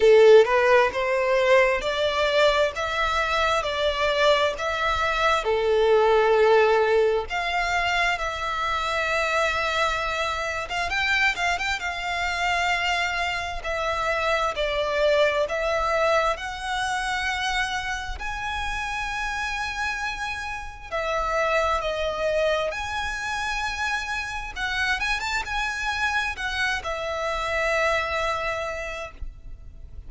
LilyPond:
\new Staff \with { instrumentName = "violin" } { \time 4/4 \tempo 4 = 66 a'8 b'8 c''4 d''4 e''4 | d''4 e''4 a'2 | f''4 e''2~ e''8. f''16 | g''8 f''16 g''16 f''2 e''4 |
d''4 e''4 fis''2 | gis''2. e''4 | dis''4 gis''2 fis''8 gis''16 a''16 | gis''4 fis''8 e''2~ e''8 | }